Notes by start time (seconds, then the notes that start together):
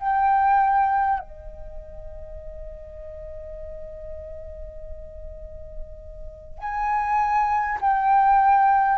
0.00 G5
1.19 D#5
6.59 G#5
7.81 G5